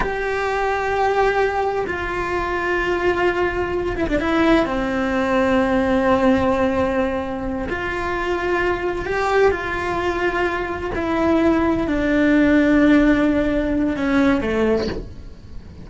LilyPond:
\new Staff \with { instrumentName = "cello" } { \time 4/4 \tempo 4 = 129 g'1 | f'1~ | f'8 e'16 d'16 e'4 c'2~ | c'1~ |
c'8 f'2. g'8~ | g'8 f'2. e'8~ | e'4. d'2~ d'8~ | d'2 cis'4 a4 | }